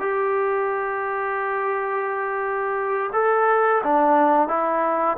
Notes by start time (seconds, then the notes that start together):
0.00 G4
3.13 A4
3.83 D4
4.48 E4